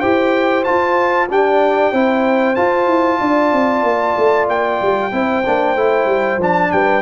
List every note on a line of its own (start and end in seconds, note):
0.00 0.66 E4
0.00 0.64 G4
0.00 1.28 C5
0.00 0.64 G5
0.64 1.28 F4
0.64 1.30 F4
0.64 1.28 A5
1.29 1.93 D4
1.29 1.93 G4
1.29 1.92 D5
1.29 2.55 G5
1.92 2.57 C4
1.92 2.56 E4
1.92 3.20 C5
2.55 5.11 F4
2.55 2.87 F4
2.55 4.47 A5
2.87 3.19 E4
3.21 3.53 D4
3.21 5.12 D5
3.53 3.83 C4
3.83 4.15 A#3
4.17 4.49 A3
4.49 4.80 A#3
4.49 6.41 G5
4.82 5.12 G3
5.12 5.44 C4
5.12 5.43 E4
5.12 6.73 C5
5.46 5.76 A#3
5.46 5.77 D4
5.76 6.06 A3
5.76 6.40 E4
6.06 6.38 G3
6.38 6.70 F3
6.38 7.02 D4
6.38 6.72 A5
6.72 7.02 G3
6.72 7.02 B4
6.72 7.02 G5